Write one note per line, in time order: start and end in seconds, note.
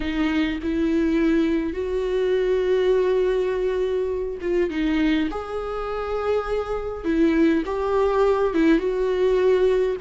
0.00 0.59 D#4
0.62 1.73 E4
1.73 4.38 F#4
4.41 4.70 F4
4.70 5.29 D#4
5.30 7.04 G#4
7.04 7.63 E4
7.65 8.53 G4
8.54 8.78 E4
8.78 9.96 F#4